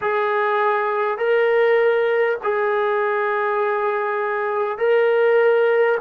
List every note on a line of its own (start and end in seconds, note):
0.01 1.17 G#4
1.17 2.37 A#4
2.43 4.78 G#4
4.78 5.98 A#4